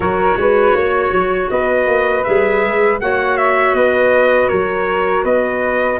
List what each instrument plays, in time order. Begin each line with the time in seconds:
0.00 tuba F#3, clarinet F#4, flute A#4, trumpet C#5
0.36 tuba G#3, flute B4
0.73 tuba A#3, flute C#5
1.11 tuba F#3
1.50 tuba B3, flute B4, trumpet D#5
1.86 tuba A#3
2.23 tuba G3, clarinet G#4, trumpet E5
2.64 tuba G#3
3.00 tuba A#3, clarinet F#4, flute C#5, trumpet F#5
3.37 trumpet E5
3.73 tuba B3, flute B4, trumpet D#5
4.48 tuba F#3, flute A#4, trumpet C#5
5.23 tuba B3, flute B4, trumpet D#5